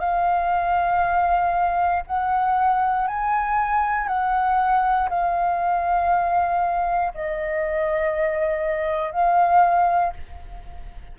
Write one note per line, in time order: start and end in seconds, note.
0.00 2.03 F5
2.07 3.08 F#5
3.08 4.08 G#5
4.08 5.09 F#5
5.10 7.13 F5
7.15 9.12 D#5
9.12 10.13 F5